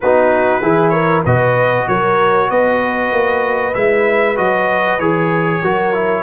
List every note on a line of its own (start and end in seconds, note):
0.00 0.61 B3
0.00 0.62 D#4
0.00 0.62 F#4
0.00 0.89 B4
0.61 1.24 E3
0.61 1.24 E4
0.61 0.93 G#4
0.89 1.24 A#4
0.89 1.21 C#5
1.24 1.87 B2
1.24 3.73 F#4
1.24 1.87 B4
1.24 1.88 D#5
1.87 2.50 F#3
1.87 2.49 A#4
1.87 2.50 C#5
2.49 3.12 B3
2.49 5.61 B4
2.49 3.74 D#5
3.12 3.74 A#3
3.73 4.38 G#3
3.73 4.36 E4
3.73 4.36 E5
4.36 4.99 F#3
4.36 4.99 F#4
4.36 4.99 D#5
4.99 5.61 E3
4.99 5.63 G#4
4.99 6.23 C#5
5.62 6.23 F#3
5.62 5.93 F#4
5.62 6.23 A#4
5.93 6.23 E4